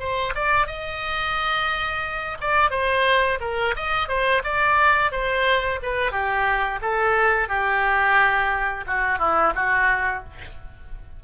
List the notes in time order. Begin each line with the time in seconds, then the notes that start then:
0.00 C5
0.35 D5
0.68 D#5
2.41 D5
2.71 C5
3.41 A#4
3.77 D#5
4.09 C5
4.45 D5
5.12 C5
5.83 B4
6.12 G4
6.82 A4
7.49 G4
8.87 F#4
9.20 E4
9.56 F#4